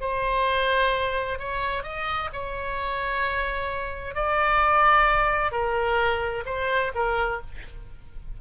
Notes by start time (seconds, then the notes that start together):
0.00 C5
1.38 C#5
1.83 D#5
2.32 C#5
4.14 D5
5.51 A#4
6.45 C5
6.94 A#4